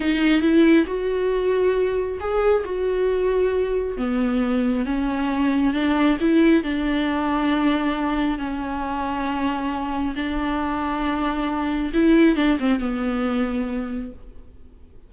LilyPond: \new Staff \with { instrumentName = "viola" } { \time 4/4 \tempo 4 = 136 dis'4 e'4 fis'2~ | fis'4 gis'4 fis'2~ | fis'4 b2 cis'4~ | cis'4 d'4 e'4 d'4~ |
d'2. cis'4~ | cis'2. d'4~ | d'2. e'4 | d'8 c'8 b2. | }